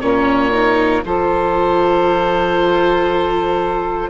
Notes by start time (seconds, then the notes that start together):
0.00 A#2 C#4 A#4 C#5
0.51 D#4
1.04 F3 F4 A4 C5